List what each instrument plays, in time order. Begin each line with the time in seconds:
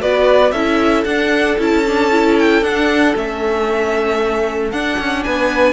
0.00 cello B3, viola F#4, violin B4 D5
0.52 cello C#4, viola E4, violin A4 E5
1.05 cello D4, viola D4, violin F#5
1.59 cello C#4, viola E4, violin A5
1.86 viola D4
2.11 viola E4
2.39 violin G5
2.62 cello D4, viola D4, violin F#5
3.15 cello A3, viola C#4, violin E5
4.71 cello D4, viola D4, violin F#5
4.99 cello C#4
5.23 cello B3, violin B4 G#5